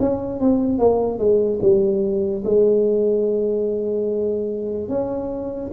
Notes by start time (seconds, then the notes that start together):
0.00 C#4
0.40 C4
0.79 A#3
1.18 G#3
1.62 G3
2.45 G#3
4.89 C#4